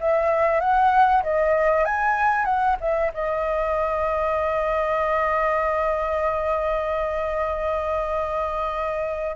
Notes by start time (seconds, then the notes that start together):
0.00 E5
0.60 F#5
1.23 D#5
1.85 G#5
2.45 F#5
2.80 E5
3.14 D#5